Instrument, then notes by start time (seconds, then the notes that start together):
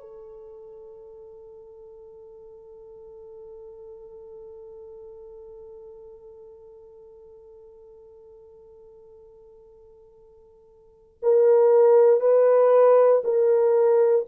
horn
0.00 A4
11.22 A#4
12.20 B4
13.24 A#4